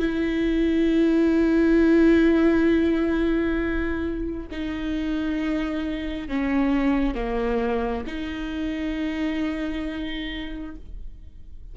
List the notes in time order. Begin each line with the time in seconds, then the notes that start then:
0.00 E4
4.51 D#4
6.28 C#4
7.15 A#3
8.07 D#4